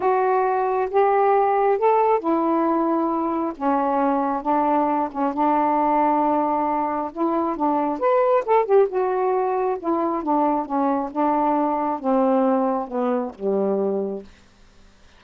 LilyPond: \new Staff \with { instrumentName = "saxophone" } { \time 4/4 \tempo 4 = 135 fis'2 g'2 | a'4 e'2. | cis'2 d'4. cis'8 | d'1 |
e'4 d'4 b'4 a'8 g'8 | fis'2 e'4 d'4 | cis'4 d'2 c'4~ | c'4 b4 g2 | }